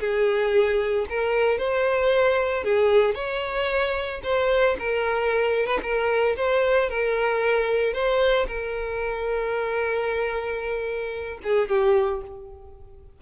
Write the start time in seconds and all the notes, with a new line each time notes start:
0.00 G#4
1.09 A#4
1.58 C5
2.64 G#4
3.15 C#5
4.23 C5
4.79 A#4
5.66 B4
5.83 A#4
6.37 C5
6.89 A#4
7.93 C5
8.47 A#4
11.44 G#4
11.68 G4